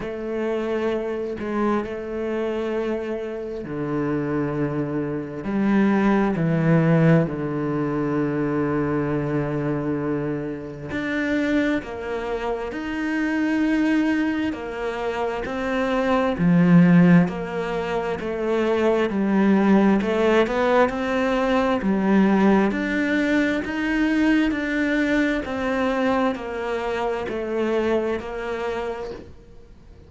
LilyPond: \new Staff \with { instrumentName = "cello" } { \time 4/4 \tempo 4 = 66 a4. gis8 a2 | d2 g4 e4 | d1 | d'4 ais4 dis'2 |
ais4 c'4 f4 ais4 | a4 g4 a8 b8 c'4 | g4 d'4 dis'4 d'4 | c'4 ais4 a4 ais4 | }